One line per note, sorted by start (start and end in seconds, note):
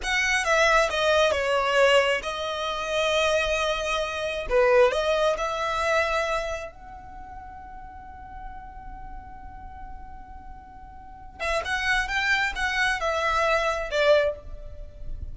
0.03 0.44 F#5
0.44 0.89 E5
0.90 1.31 D#5
1.31 2.21 C#5
2.22 4.46 D#5
4.49 4.91 B4
4.91 5.36 D#5
5.37 6.71 E5
6.71 11.40 F#5
11.40 11.62 E5
11.65 12.08 F#5
12.08 12.53 G5
12.55 13.00 F#5
13.00 13.90 E5
13.90 14.35 D5